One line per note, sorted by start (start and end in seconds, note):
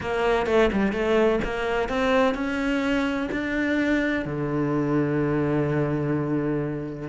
0.01 0.46 A#3
0.46 0.70 A3
0.72 0.92 G3
0.92 1.39 A3
1.43 1.89 A#3
1.89 2.34 C4
2.34 3.29 C#4
3.31 4.25 D4
4.25 7.08 D3